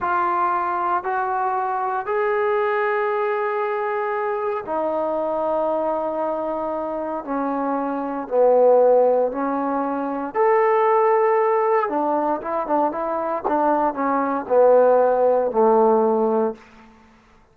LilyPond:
\new Staff \with { instrumentName = "trombone" } { \time 4/4 \tempo 4 = 116 f'2 fis'2 | gis'1~ | gis'4 dis'2.~ | dis'2 cis'2 |
b2 cis'2 | a'2. d'4 | e'8 d'8 e'4 d'4 cis'4 | b2 a2 | }